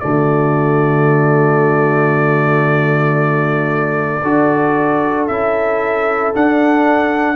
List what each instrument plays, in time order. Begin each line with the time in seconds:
0.00 tuba D3, trombone A3, horn F#4, trumpet D5
4.20 tuba D4, trombone F#4, horn A4
5.28 tuba C#4, trombone E4, trumpet E5
6.34 trombone D4, tuba D4, trumpet F#5